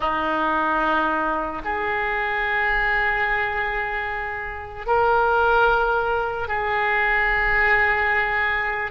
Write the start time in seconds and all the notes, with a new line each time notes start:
0.00 D#4
1.64 G#4
4.86 A#4
6.48 G#4